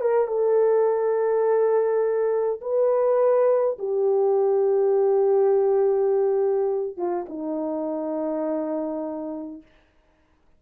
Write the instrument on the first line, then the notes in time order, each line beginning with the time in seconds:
horn
0.00 A#4
0.27 A4
2.61 B4
3.78 G4
6.96 F4
7.29 D#4